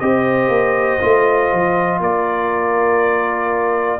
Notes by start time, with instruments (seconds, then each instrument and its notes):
0.00 tuba C4, trombone G4, horn C5, trumpet D#5
0.49 tuba A#3
1.00 tuba A3, trombone F4
1.53 tuba F3
2.01 tuba A#3, horn A#4, trumpet D5